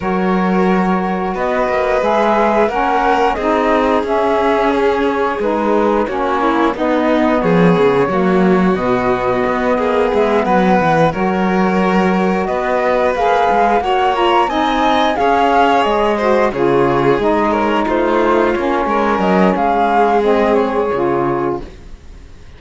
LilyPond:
<<
  \new Staff \with { instrumentName = "flute" } { \time 4/4 \tempo 4 = 89 cis''2 dis''4 e''4 | fis''4 dis''4 e''4 gis'8 cis''8 | b'4 cis''4 dis''4 cis''4~ | cis''4 dis''2 e''8 fis''8~ |
fis''8 cis''2 dis''4 f''8~ | f''8 fis''8 ais''8 gis''4 f''4 dis''8~ | dis''8 cis''4 dis''8 cis''8 c''4 cis''8~ | cis''8 dis''8 f''4 dis''8 cis''4. | }
  \new Staff \with { instrumentName = "violin" } { \time 4/4 ais'2 b'2 | ais'4 gis'2.~ | gis'4 fis'8 e'8 dis'4 gis'4 | fis'2~ fis'8 gis'4 b'8~ |
b'8 ais'2 b'4.~ | b'8 cis''4 dis''4 cis''4. | c''8 gis'4. ais'8 f'4. | ais'4 gis'2. | }
  \new Staff \with { instrumentName = "saxophone" } { \time 4/4 fis'2. gis'4 | cis'4 dis'4 cis'2 | dis'4 cis'4 b2 | ais4 b2.~ |
b8 fis'2. gis'8~ | gis'8 fis'8 f'8 dis'4 gis'4. | fis'8 f'4 dis'2 cis'8~ | cis'2 c'4 f'4 | }
  \new Staff \with { instrumentName = "cello" } { \time 4/4 fis2 b8 ais8 gis4 | ais4 c'4 cis'2 | gis4 ais4 b4 f8 cis8 | fis4 b,4 b8 ais8 gis8 fis8 |
e8 fis2 b4 ais8 | gis8 ais4 c'4 cis'4 gis8~ | gis8 cis4 gis4 a4 ais8 | gis8 fis8 gis2 cis4 | }
>>